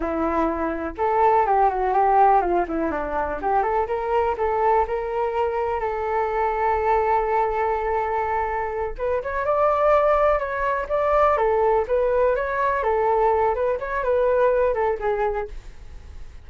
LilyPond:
\new Staff \with { instrumentName = "flute" } { \time 4/4 \tempo 4 = 124 e'2 a'4 g'8 fis'8 | g'4 f'8 e'8 d'4 g'8 a'8 | ais'4 a'4 ais'2 | a'1~ |
a'2~ a'8 b'8 cis''8 d''8~ | d''4. cis''4 d''4 a'8~ | a'8 b'4 cis''4 a'4. | b'8 cis''8 b'4. a'8 gis'4 | }